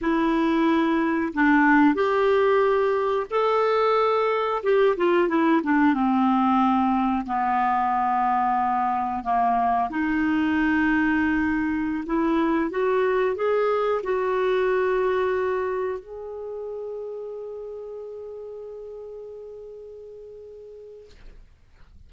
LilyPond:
\new Staff \with { instrumentName = "clarinet" } { \time 4/4 \tempo 4 = 91 e'2 d'4 g'4~ | g'4 a'2 g'8 f'8 | e'8 d'8 c'2 b4~ | b2 ais4 dis'4~ |
dis'2~ dis'16 e'4 fis'8.~ | fis'16 gis'4 fis'2~ fis'8.~ | fis'16 gis'2.~ gis'8.~ | gis'1 | }